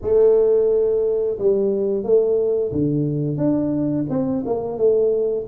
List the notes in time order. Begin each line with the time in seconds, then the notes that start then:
0.01 A3
1.38 G3
2.03 A3
2.71 D3
3.37 D4
4.09 C4
4.45 A#3
4.77 A3